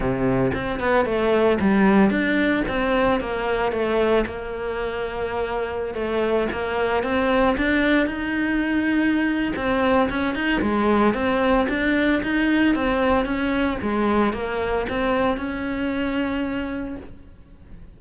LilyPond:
\new Staff \with { instrumentName = "cello" } { \time 4/4 \tempo 4 = 113 c4 c'8 b8 a4 g4 | d'4 c'4 ais4 a4 | ais2.~ ais16 a8.~ | a16 ais4 c'4 d'4 dis'8.~ |
dis'2 c'4 cis'8 dis'8 | gis4 c'4 d'4 dis'4 | c'4 cis'4 gis4 ais4 | c'4 cis'2. | }